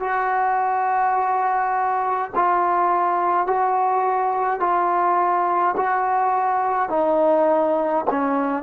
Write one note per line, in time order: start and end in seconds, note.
0.00 2.31 F#4
2.35 3.46 F4
3.46 4.59 F#4
4.59 5.75 F4
5.76 6.89 F#4
6.89 8.05 D#4
8.10 8.63 C#4